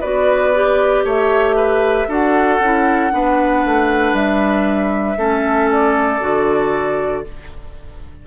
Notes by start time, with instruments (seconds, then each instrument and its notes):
0.00 bassoon B3, clarinet F#4, oboe B4, flute D5
0.54 clarinet G4
1.04 bassoon A3, oboe C#5, flute E5
1.55 oboe B4
2.07 bassoon D4, clarinet F#4, oboe A4, flute F#5
2.59 bassoon C#4, clarinet E4
3.10 bassoon B3, clarinet D4, oboe B4
3.65 bassoon A3
4.12 bassoon G3, flute E5
5.16 bassoon A3, clarinet C#4, oboe A4
5.71 flute D5
6.20 bassoon D3, clarinet F#4